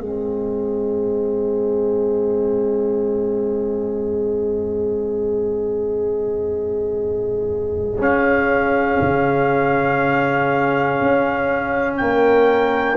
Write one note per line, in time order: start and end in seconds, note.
0.00 7.99 G#3
0.00 7.98 C4
0.00 12.00 G#4
0.00 8.01 D#5
7.98 12.97 C#4
7.98 8.99 C#4
7.98 11.97 F5
9.01 11.01 C#3
11.01 12.01 C#4
11.97 12.97 A#3
11.97 12.97 A#4
11.97 12.97 G5